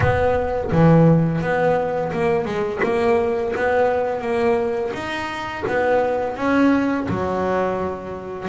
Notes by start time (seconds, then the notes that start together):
0.00 B3
0.71 E3
1.41 B3
2.12 A#3
2.45 G#3
2.83 A#3
3.56 B3
4.21 A#3
4.93 D#4
5.67 B3
6.36 C#4
7.08 F#3